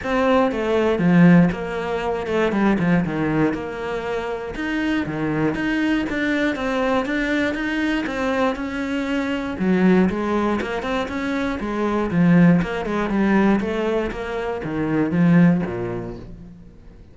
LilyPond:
\new Staff \with { instrumentName = "cello" } { \time 4/4 \tempo 4 = 119 c'4 a4 f4 ais4~ | ais8 a8 g8 f8 dis4 ais4~ | ais4 dis'4 dis4 dis'4 | d'4 c'4 d'4 dis'4 |
c'4 cis'2 fis4 | gis4 ais8 c'8 cis'4 gis4 | f4 ais8 gis8 g4 a4 | ais4 dis4 f4 ais,4 | }